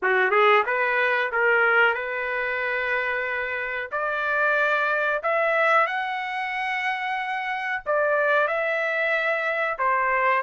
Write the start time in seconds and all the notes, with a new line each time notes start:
0.02 F#4
0.30 G#4
0.66 B4
1.32 A#4
1.94 B4
3.91 D5
5.22 E5
5.87 F#5
7.86 D5
8.47 E5
9.78 C5